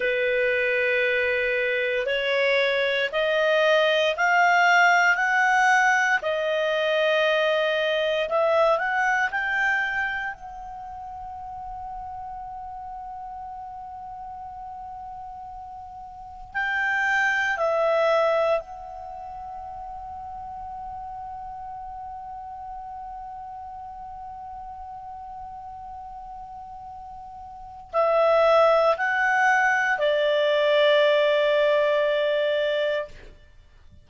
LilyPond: \new Staff \with { instrumentName = "clarinet" } { \time 4/4 \tempo 4 = 58 b'2 cis''4 dis''4 | f''4 fis''4 dis''2 | e''8 fis''8 g''4 fis''2~ | fis''1 |
g''4 e''4 fis''2~ | fis''1~ | fis''2. e''4 | fis''4 d''2. | }